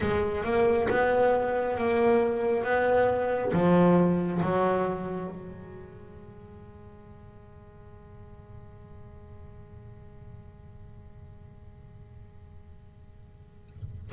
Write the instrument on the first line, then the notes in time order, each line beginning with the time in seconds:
double bass
0.00 G#3
0.44 A#3
0.89 B3
1.77 A#3
2.63 B3
3.53 F3
4.42 F#3
5.30 G#3